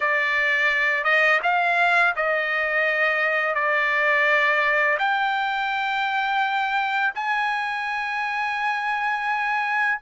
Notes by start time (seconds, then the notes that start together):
0.00 D5
1.04 D#5
1.43 F5
2.16 D#5
3.55 D5
4.98 G5
7.15 G#5